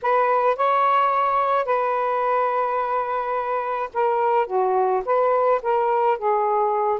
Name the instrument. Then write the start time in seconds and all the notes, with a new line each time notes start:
saxophone
0.02 B4
0.56 C#5
1.65 B4
3.93 A#4
4.47 F#4
5.05 B4
5.62 A#4
6.18 G#4